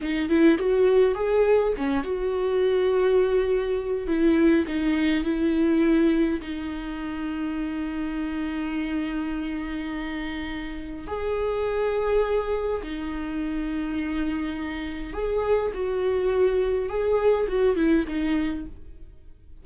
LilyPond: \new Staff \with { instrumentName = "viola" } { \time 4/4 \tempo 4 = 103 dis'8 e'8 fis'4 gis'4 cis'8 fis'8~ | fis'2. e'4 | dis'4 e'2 dis'4~ | dis'1~ |
dis'2. gis'4~ | gis'2 dis'2~ | dis'2 gis'4 fis'4~ | fis'4 gis'4 fis'8 e'8 dis'4 | }